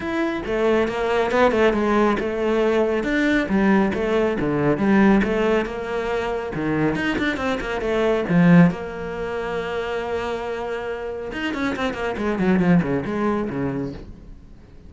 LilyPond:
\new Staff \with { instrumentName = "cello" } { \time 4/4 \tempo 4 = 138 e'4 a4 ais4 b8 a8 | gis4 a2 d'4 | g4 a4 d4 g4 | a4 ais2 dis4 |
dis'8 d'8 c'8 ais8 a4 f4 | ais1~ | ais2 dis'8 cis'8 c'8 ais8 | gis8 fis8 f8 cis8 gis4 cis4 | }